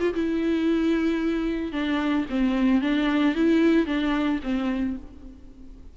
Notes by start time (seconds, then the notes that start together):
0.00 F4
0.14 E4
1.72 D4
2.30 C4
2.81 D4
3.35 E4
3.86 D4
4.43 C4